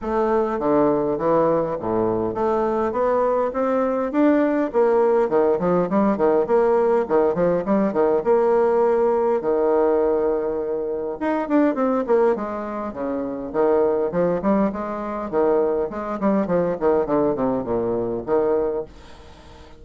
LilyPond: \new Staff \with { instrumentName = "bassoon" } { \time 4/4 \tempo 4 = 102 a4 d4 e4 a,4 | a4 b4 c'4 d'4 | ais4 dis8 f8 g8 dis8 ais4 | dis8 f8 g8 dis8 ais2 |
dis2. dis'8 d'8 | c'8 ais8 gis4 cis4 dis4 | f8 g8 gis4 dis4 gis8 g8 | f8 dis8 d8 c8 ais,4 dis4 | }